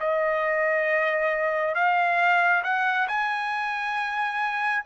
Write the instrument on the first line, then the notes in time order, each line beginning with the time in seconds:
trumpet
0.00 D#5
1.75 F5
2.64 F#5
3.08 G#5